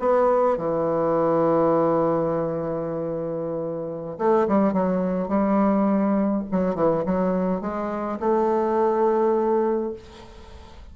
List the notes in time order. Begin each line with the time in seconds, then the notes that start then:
0.00 B3
0.58 E3
4.19 A3
4.48 G3
4.73 F#3
5.28 G3
6.52 F#3
6.76 E3
7.05 F#3
7.61 G#3
8.20 A3